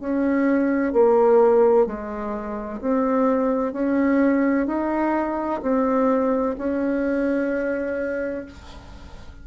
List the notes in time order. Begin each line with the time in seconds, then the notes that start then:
0.00 C#4
0.92 A#3
1.86 G#3
2.80 C4
3.73 C#4
4.67 D#4
5.62 C4
6.58 C#4